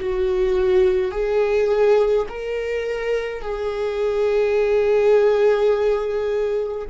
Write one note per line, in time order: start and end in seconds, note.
0.00 1.12 F#4
1.12 2.27 G#4
2.29 3.42 A#4
3.42 6.88 G#4